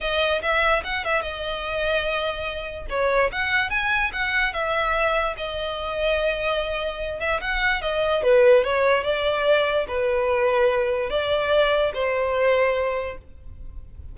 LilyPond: \new Staff \with { instrumentName = "violin" } { \time 4/4 \tempo 4 = 146 dis''4 e''4 fis''8 e''8 dis''4~ | dis''2. cis''4 | fis''4 gis''4 fis''4 e''4~ | e''4 dis''2.~ |
dis''4. e''8 fis''4 dis''4 | b'4 cis''4 d''2 | b'2. d''4~ | d''4 c''2. | }